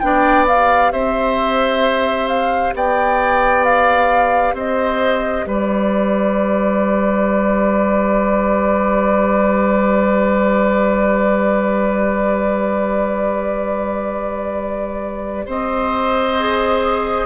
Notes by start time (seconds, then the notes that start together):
0.00 B3 D4 G5
0.06 D5
0.48 G4 F5
0.92 C4 C5 E5
2.28 F5
2.74 B3 D5 G5
3.64 F5
4.53 C4 C5 D#5
5.46 G3 B4 D5
15.46 C4 C5 D#5
16.39 G#4